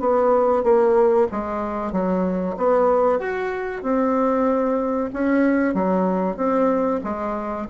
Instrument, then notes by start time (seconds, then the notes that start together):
bassoon
0.00 B3
0.64 A#3
1.31 G#3
1.92 F#3
2.57 B3
3.19 F#4
3.83 C4
5.13 C#4
5.74 F#3
6.37 C4
7.04 G#3